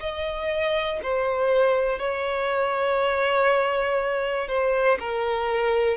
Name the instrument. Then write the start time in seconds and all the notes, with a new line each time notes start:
violin
0.00 D#5
1.03 C5
1.99 C#5
4.48 C5
5.00 A#4